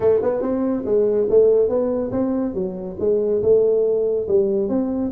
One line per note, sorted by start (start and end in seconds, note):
0.00 0.20 A3
0.22 0.41 B3
0.41 0.84 C4
0.85 1.27 G#3
1.29 1.68 A3
1.68 2.11 B3
2.11 2.54 C4
2.54 2.96 F#3
2.99 3.42 G#3
3.42 4.27 A3
4.28 4.68 G3
4.68 5.11 C4